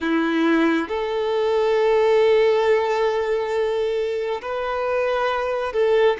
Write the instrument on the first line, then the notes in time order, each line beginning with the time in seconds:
violin
0.00 E4
0.88 A4
4.41 B4
5.72 A4